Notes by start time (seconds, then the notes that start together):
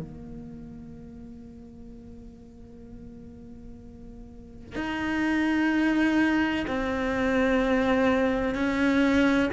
0.00 A#3
4.76 D#4
6.68 C4
8.55 C#4